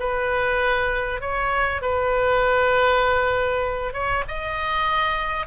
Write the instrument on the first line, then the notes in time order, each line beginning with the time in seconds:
oboe
0.00 B4
1.21 C#5
1.82 B4
3.94 C#5
4.29 D#5